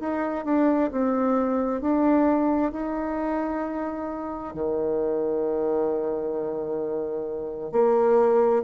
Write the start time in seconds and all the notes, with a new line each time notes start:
0.00 D#4
0.45 D4
0.92 C4
1.81 D4
2.72 D#4
4.54 D#3
7.72 A#3